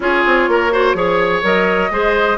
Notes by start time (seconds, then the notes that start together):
0.00 C#4 F4 G#4 C#5
0.26 C4
0.47 A#3 A#4
0.71 F#4 C5
0.94 F3 G#4 C#5
1.42 F#3 A#4 D#5
1.90 G#3 G#4 C5